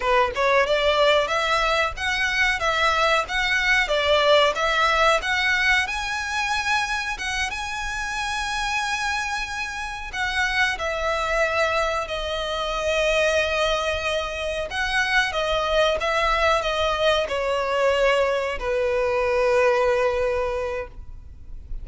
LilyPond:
\new Staff \with { instrumentName = "violin" } { \time 4/4 \tempo 4 = 92 b'8 cis''8 d''4 e''4 fis''4 | e''4 fis''4 d''4 e''4 | fis''4 gis''2 fis''8 gis''8~ | gis''2.~ gis''8 fis''8~ |
fis''8 e''2 dis''4.~ | dis''2~ dis''8 fis''4 dis''8~ | dis''8 e''4 dis''4 cis''4.~ | cis''8 b'2.~ b'8 | }